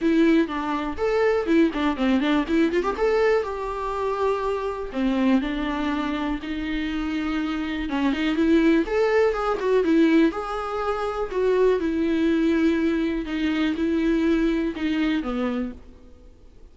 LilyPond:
\new Staff \with { instrumentName = "viola" } { \time 4/4 \tempo 4 = 122 e'4 d'4 a'4 e'8 d'8 | c'8 d'8 e'8 f'16 g'16 a'4 g'4~ | g'2 c'4 d'4~ | d'4 dis'2. |
cis'8 dis'8 e'4 a'4 gis'8 fis'8 | e'4 gis'2 fis'4 | e'2. dis'4 | e'2 dis'4 b4 | }